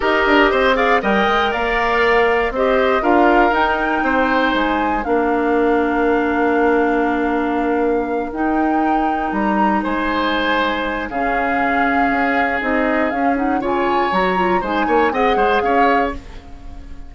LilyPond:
<<
  \new Staff \with { instrumentName = "flute" } { \time 4/4 \tempo 4 = 119 dis''4. f''8 g''4 f''4~ | f''4 dis''4 f''4 g''4~ | g''4 gis''4 f''2~ | f''1~ |
f''8 g''2 ais''4 gis''8~ | gis''2 f''2~ | f''4 dis''4 f''8 fis''8 gis''4 | ais''4 gis''4 fis''4 f''4 | }
  \new Staff \with { instrumentName = "oboe" } { \time 4/4 ais'4 c''8 d''8 dis''4 d''4~ | d''4 c''4 ais'2 | c''2 ais'2~ | ais'1~ |
ais'2.~ ais'8 c''8~ | c''2 gis'2~ | gis'2. cis''4~ | cis''4 c''8 cis''8 dis''8 c''8 cis''4 | }
  \new Staff \with { instrumentName = "clarinet" } { \time 4/4 g'4. gis'8 ais'2~ | ais'4 g'4 f'4 dis'4~ | dis'2 d'2~ | d'1~ |
d'8 dis'2.~ dis'8~ | dis'2 cis'2~ | cis'4 dis'4 cis'8 dis'8 f'4 | fis'8 f'8 dis'4 gis'2 | }
  \new Staff \with { instrumentName = "bassoon" } { \time 4/4 dis'8 d'8 c'4 g8 gis8 ais4~ | ais4 c'4 d'4 dis'4 | c'4 gis4 ais2~ | ais1~ |
ais8 dis'2 g4 gis8~ | gis2 cis2 | cis'4 c'4 cis'4 cis4 | fis4 gis8 ais8 c'8 gis8 cis'4 | }
>>